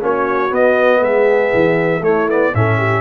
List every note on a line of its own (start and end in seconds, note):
0.00 0.51 A#3
0.00 0.49 C#4
0.00 1.00 F#4
0.00 0.54 C#5
0.49 2.00 B3
0.49 1.01 B3
0.49 1.04 D#5
1.00 1.52 G#3
1.00 2.00 G#4
1.00 2.04 E5
1.54 2.01 E3
2.01 2.51 A3
2.01 2.28 A3
2.01 2.54 E4
2.01 2.29 C#5
2.28 2.53 B3
2.28 2.55 D5
2.54 3.01 A2
2.54 3.01 C#4
2.54 2.78 A4
2.54 3.01 E5
2.78 3.01 G4